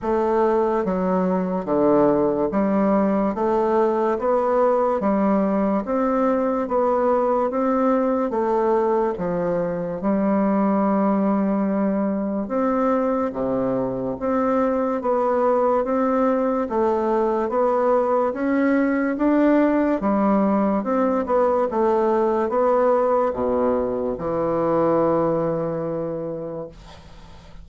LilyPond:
\new Staff \with { instrumentName = "bassoon" } { \time 4/4 \tempo 4 = 72 a4 fis4 d4 g4 | a4 b4 g4 c'4 | b4 c'4 a4 f4 | g2. c'4 |
c4 c'4 b4 c'4 | a4 b4 cis'4 d'4 | g4 c'8 b8 a4 b4 | b,4 e2. | }